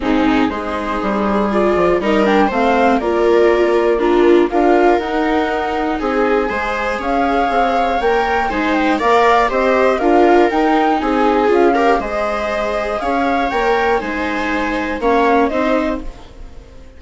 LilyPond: <<
  \new Staff \with { instrumentName = "flute" } { \time 4/4 \tempo 4 = 120 gis'4 c''2 d''4 | dis''8 g''8 f''4 d''2 | ais'4 f''4 fis''2 | gis''2 f''2 |
g''4 gis''8 g''8 f''4 dis''4 | f''4 g''4 gis''4 f''4 | dis''2 f''4 g''4 | gis''2 f''4 dis''4 | }
  \new Staff \with { instrumentName = "viola" } { \time 4/4 dis'4 gis'2. | ais'4 c''4 ais'2 | f'4 ais'2. | gis'4 c''4 cis''2~ |
cis''4 c''4 d''4 c''4 | ais'2 gis'4. ais'8 | c''2 cis''2 | c''2 cis''4 c''4 | }
  \new Staff \with { instrumentName = "viola" } { \time 4/4 c'4 dis'2 f'4 | dis'8 d'8 c'4 f'2 | d'4 f'4 dis'2~ | dis'4 gis'2. |
ais'4 dis'4 ais'4 g'4 | f'4 dis'2 f'8 g'8 | gis'2. ais'4 | dis'2 cis'4 dis'4 | }
  \new Staff \with { instrumentName = "bassoon" } { \time 4/4 gis,4 gis4 g4. f8 | g4 a4 ais2~ | ais4 d'4 dis'2 | c'4 gis4 cis'4 c'4 |
ais4 gis4 ais4 c'4 | d'4 dis'4 c'4 cis'4 | gis2 cis'4 ais4 | gis2 ais4 c'4 | }
>>